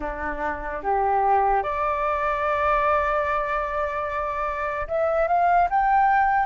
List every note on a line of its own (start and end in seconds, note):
0.00 0.81 D4
0.83 1.62 G4
1.62 4.86 D5
4.87 5.27 E5
5.27 5.68 F5
5.69 6.45 G5